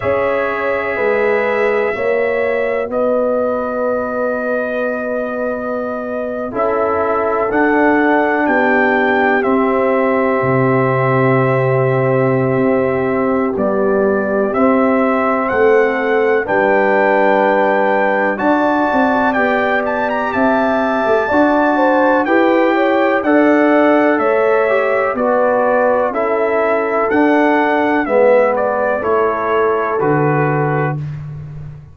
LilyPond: <<
  \new Staff \with { instrumentName = "trumpet" } { \time 4/4 \tempo 4 = 62 e''2. dis''4~ | dis''2~ dis''8. e''4 fis''16~ | fis''8. g''4 e''2~ e''16~ | e''2 d''4 e''4 |
fis''4 g''2 a''4 | g''8 a''16 ais''16 a''2 g''4 | fis''4 e''4 d''4 e''4 | fis''4 e''8 d''8 cis''4 b'4 | }
  \new Staff \with { instrumentName = "horn" } { \time 4/4 cis''4 b'4 cis''4 b'4~ | b'2~ b'8. a'4~ a'16~ | a'8. g'2.~ g'16~ | g'1 |
a'4 b'2 d''4~ | d''4 e''4 d''8 c''8 b'8 cis''8 | d''4 cis''4 b'4 a'4~ | a'4 b'4 a'2 | }
  \new Staff \with { instrumentName = "trombone" } { \time 4/4 gis'2 fis'2~ | fis'2~ fis'8. e'4 d'16~ | d'4.~ d'16 c'2~ c'16~ | c'2 g4 c'4~ |
c'4 d'2 fis'4 | g'2 fis'4 g'4 | a'4. g'8 fis'4 e'4 | d'4 b4 e'4 fis'4 | }
  \new Staff \with { instrumentName = "tuba" } { \time 4/4 cis'4 gis4 ais4 b4~ | b2~ b8. cis'4 d'16~ | d'8. b4 c'4 c4~ c16~ | c4 c'4 b4 c'4 |
a4 g2 d'8 c'8 | b4 c'8. a16 d'4 e'4 | d'4 a4 b4 cis'4 | d'4 gis4 a4 d4 | }
>>